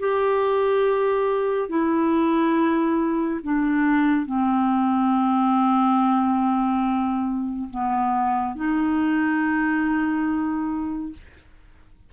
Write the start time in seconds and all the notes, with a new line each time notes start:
0.00 G4
1.69 E4
3.44 D4
4.26 C4
7.71 B3
8.56 D#4